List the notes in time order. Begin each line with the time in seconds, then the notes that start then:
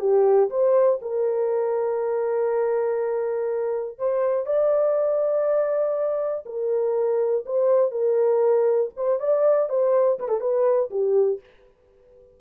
0.00 G4
0.50 C5
1.01 A#4
3.98 C5
4.46 D5
6.46 A#4
7.46 C5
7.91 A#4
8.96 C5
9.20 D5
9.69 C5
10.19 B4
10.28 A4
10.41 B4
10.90 G4